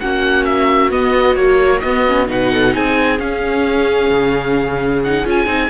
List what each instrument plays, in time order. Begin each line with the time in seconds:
0.00 cello A#3, viola C#4 F#4, oboe F#5
0.45 oboe E5
0.91 viola B3, cello B3, oboe D#5
1.36 viola F#3, cello A#3, oboe C#5
1.80 cello B3, viola B3, oboe D#5
2.07 viola C#4
2.27 cello B2, viola D#4 B4, oboe F#5
2.52 viola A4
2.73 cello C4, viola G#4, oboe G#5
3.20 viola C#4, cello C#4, oboe F5
4.10 cello C#3
5.03 viola D#4, oboe F#5
5.25 cello C#4, viola F4, oboe G#5
5.46 cello C4, viola D#4